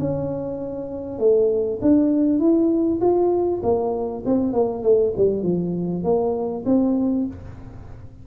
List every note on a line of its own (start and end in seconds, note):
0.00 1.19 C#4
1.19 1.80 A3
1.82 2.39 D4
2.39 3.00 E4
3.01 3.61 F4
3.63 4.24 A#3
4.26 4.53 C4
4.53 4.83 A#3
4.83 5.13 A3
5.17 5.43 G3
5.43 6.04 F3
6.04 6.64 A#3
6.66 7.26 C4